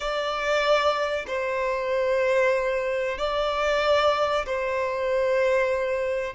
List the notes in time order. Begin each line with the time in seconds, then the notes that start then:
0.00 D5
1.27 C5
3.17 D5
4.46 C5